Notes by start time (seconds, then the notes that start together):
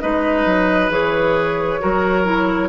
0.00 G#3 D#4 B4 D#5
0.45 F#3
0.88 E3 G#4 C#5
1.79 F#3 F#4 A#4
2.24 E4